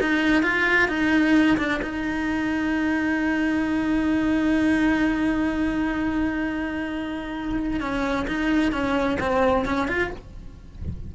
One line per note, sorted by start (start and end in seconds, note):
0.00 0.43 D#4
0.43 0.88 F4
0.88 1.57 D#4
1.58 1.81 D4
1.82 7.80 D#4
7.80 8.26 C#4
8.27 8.71 D#4
8.71 9.18 C#4
9.20 9.65 C4
9.65 9.88 C#4
9.88 10.11 F4